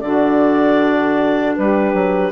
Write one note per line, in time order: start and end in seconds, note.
0.00 1.56 D3
0.00 2.32 D4
0.00 1.57 F#4
0.00 1.54 D5
1.56 1.94 G3
1.56 2.32 G4
1.56 2.32 B4
1.94 2.32 F#3